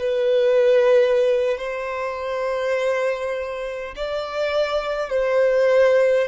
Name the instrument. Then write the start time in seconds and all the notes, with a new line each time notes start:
violin
0.00 B4
1.58 C5
3.97 D5
5.10 C5